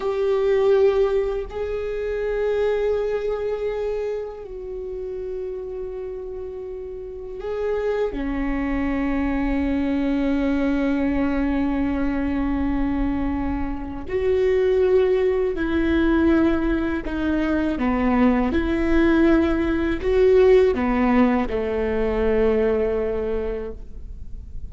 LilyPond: \new Staff \with { instrumentName = "viola" } { \time 4/4 \tempo 4 = 81 g'2 gis'2~ | gis'2 fis'2~ | fis'2 gis'4 cis'4~ | cis'1~ |
cis'2. fis'4~ | fis'4 e'2 dis'4 | b4 e'2 fis'4 | b4 a2. | }